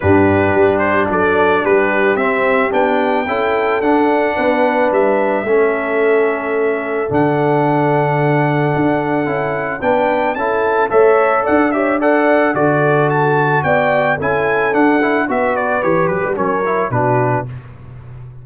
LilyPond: <<
  \new Staff \with { instrumentName = "trumpet" } { \time 4/4 \tempo 4 = 110 b'4. c''8 d''4 b'4 | e''4 g''2 fis''4~ | fis''4 e''2.~ | e''4 fis''2.~ |
fis''2 g''4 a''4 | e''4 fis''8 e''8 fis''4 d''4 | a''4 g''4 gis''4 fis''4 | e''8 d''8 cis''8 b'8 cis''4 b'4 | }
  \new Staff \with { instrumentName = "horn" } { \time 4/4 g'2 a'4 g'4~ | g'2 a'2 | b'2 a'2~ | a'1~ |
a'2 b'4 a'4 | cis''4 d''8 cis''8 d''4 a'4~ | a'4 d''4 a'2 | b'2 ais'4 fis'4 | }
  \new Staff \with { instrumentName = "trombone" } { \time 4/4 d'1 | c'4 d'4 e'4 d'4~ | d'2 cis'2~ | cis'4 d'2.~ |
d'4 e'4 d'4 e'4 | a'4. g'8 a'4 fis'4~ | fis'2 e'4 d'8 e'8 | fis'4 g'4 cis'8 e'8 d'4 | }
  \new Staff \with { instrumentName = "tuba" } { \time 4/4 g,4 g4 fis4 g4 | c'4 b4 cis'4 d'4 | b4 g4 a2~ | a4 d2. |
d'4 cis'4 b4 cis'4 | a4 d'2 d4~ | d4 b4 cis'4 d'4 | b4 e8 fis16 g16 fis4 b,4 | }
>>